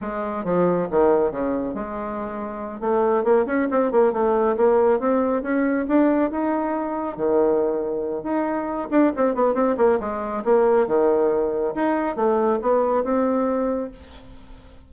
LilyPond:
\new Staff \with { instrumentName = "bassoon" } { \time 4/4 \tempo 4 = 138 gis4 f4 dis4 cis4 | gis2~ gis8 a4 ais8 | cis'8 c'8 ais8 a4 ais4 c'8~ | c'8 cis'4 d'4 dis'4.~ |
dis'8 dis2~ dis8 dis'4~ | dis'8 d'8 c'8 b8 c'8 ais8 gis4 | ais4 dis2 dis'4 | a4 b4 c'2 | }